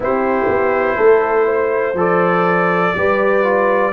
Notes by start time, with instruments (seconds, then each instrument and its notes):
0.00 tuba C4, trombone E4, horn G4, trumpet C5
0.48 tuba B3
0.96 tuba A3, horn A4
1.45 horn C5
1.94 tuba F3, trombone A4, trumpet D5
2.95 tuba G3, trombone G4, horn B4
3.43 trombone F4